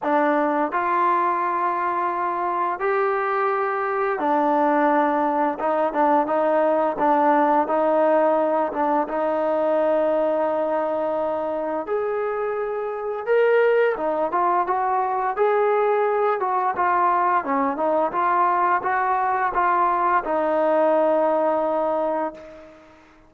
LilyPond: \new Staff \with { instrumentName = "trombone" } { \time 4/4 \tempo 4 = 86 d'4 f'2. | g'2 d'2 | dis'8 d'8 dis'4 d'4 dis'4~ | dis'8 d'8 dis'2.~ |
dis'4 gis'2 ais'4 | dis'8 f'8 fis'4 gis'4. fis'8 | f'4 cis'8 dis'8 f'4 fis'4 | f'4 dis'2. | }